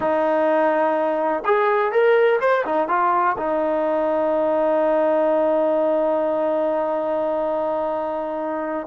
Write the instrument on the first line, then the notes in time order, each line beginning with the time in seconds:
trombone
0.00 D#4
1.45 G#4
1.91 A#4
2.40 C5
2.65 D#4
2.88 F4
3.37 D#4